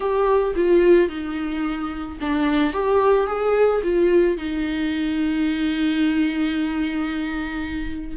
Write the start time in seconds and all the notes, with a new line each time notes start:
0.00 G4
0.55 F4
1.09 D#4
2.20 D4
2.73 G4
3.27 G#4
3.83 F4
4.37 D#4